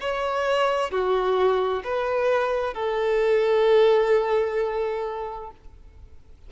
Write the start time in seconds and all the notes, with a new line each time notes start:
0.00 C#5
0.91 F#4
1.84 B4
2.74 A4